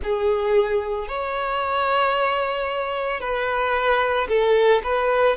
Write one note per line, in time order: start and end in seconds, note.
0.03 1.08 G#4
1.08 3.20 C#5
3.20 4.27 B4
4.28 4.82 A4
4.83 5.36 B4